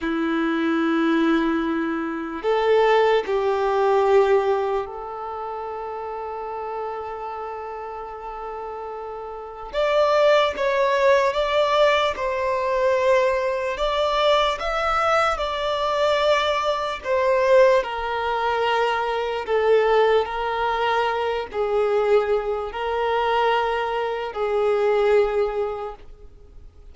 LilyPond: \new Staff \with { instrumentName = "violin" } { \time 4/4 \tempo 4 = 74 e'2. a'4 | g'2 a'2~ | a'1 | d''4 cis''4 d''4 c''4~ |
c''4 d''4 e''4 d''4~ | d''4 c''4 ais'2 | a'4 ais'4. gis'4. | ais'2 gis'2 | }